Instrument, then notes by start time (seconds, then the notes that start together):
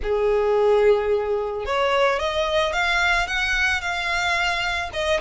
violin
0.02 G#4
1.65 C#5
2.19 D#5
2.72 F5
3.27 F#5
3.81 F5
4.93 D#5